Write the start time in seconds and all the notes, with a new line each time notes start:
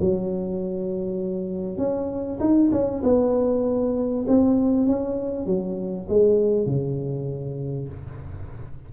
0.00 F#3
1.78 C#4
2.40 D#4
2.72 C#4
3.03 B3
4.27 C4
4.87 C#4
5.46 F#3
6.09 G#3
6.66 C#3